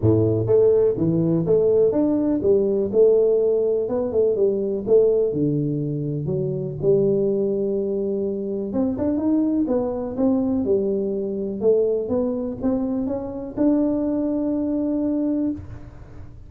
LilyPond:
\new Staff \with { instrumentName = "tuba" } { \time 4/4 \tempo 4 = 124 a,4 a4 e4 a4 | d'4 g4 a2 | b8 a8 g4 a4 d4~ | d4 fis4 g2~ |
g2 c'8 d'8 dis'4 | b4 c'4 g2 | a4 b4 c'4 cis'4 | d'1 | }